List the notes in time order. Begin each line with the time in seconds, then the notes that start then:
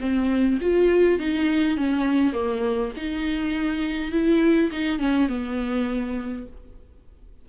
0.00 C4
0.61 F4
1.19 D#4
1.77 C#4
2.33 A#3
2.96 D#4
4.12 E4
4.72 D#4
4.99 C#4
5.29 B3